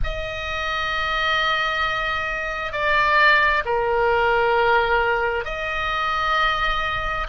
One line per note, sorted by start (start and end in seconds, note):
0.03 2.72 D#5
2.72 3.63 D5
3.65 5.45 A#4
5.45 7.26 D#5